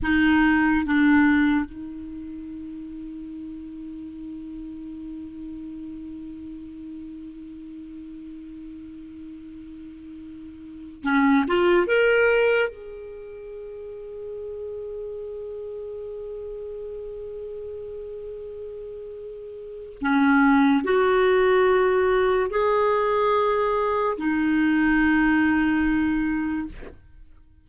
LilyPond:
\new Staff \with { instrumentName = "clarinet" } { \time 4/4 \tempo 4 = 72 dis'4 d'4 dis'2~ | dis'1~ | dis'1~ | dis'4~ dis'16 cis'8 f'8 ais'4 gis'8.~ |
gis'1~ | gis'1 | cis'4 fis'2 gis'4~ | gis'4 dis'2. | }